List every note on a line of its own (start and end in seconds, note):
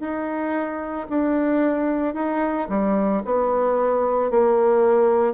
0.00 1.07 D#4
1.10 2.14 D4
2.14 2.68 D#4
2.69 3.23 G3
3.25 4.31 B3
4.31 5.34 A#3